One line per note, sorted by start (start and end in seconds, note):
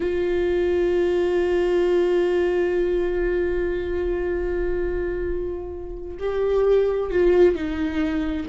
0.00 6.18 F4
6.19 7.10 G4
7.10 7.55 F4
7.55 8.46 D#4